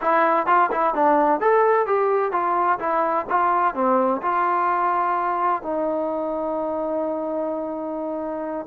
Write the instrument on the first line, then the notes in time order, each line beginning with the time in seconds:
trombone
0.01 E4
0.46 F4
0.71 E4
0.94 D4
1.40 A4
1.86 G4
2.32 F4
2.79 E4
3.29 F4
3.74 C4
4.22 F4
5.62 D#4